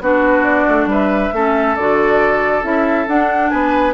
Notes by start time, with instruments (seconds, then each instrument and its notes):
0.00 bassoon B3, clarinet D4, oboe F#4, flute B4
0.44 flute D5
0.69 bassoon A3
0.86 bassoon G3, oboe B4, flute E5
1.33 bassoon A3, clarinet C#4, oboe A4
1.76 bassoon D3, clarinet F#4, flute D5
2.62 bassoon C#4, clarinet E4, flute E5
3.08 bassoon D4, clarinet D4, flute F#5
3.50 bassoon B3, oboe B4, flute G#5